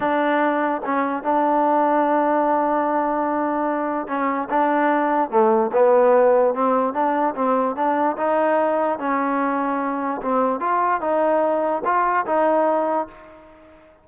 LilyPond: \new Staff \with { instrumentName = "trombone" } { \time 4/4 \tempo 4 = 147 d'2 cis'4 d'4~ | d'1~ | d'2 cis'4 d'4~ | d'4 a4 b2 |
c'4 d'4 c'4 d'4 | dis'2 cis'2~ | cis'4 c'4 f'4 dis'4~ | dis'4 f'4 dis'2 | }